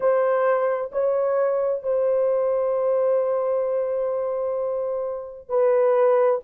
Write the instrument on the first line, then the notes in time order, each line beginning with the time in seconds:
horn
0.00 C5
0.91 C#5
1.82 C5
5.48 B4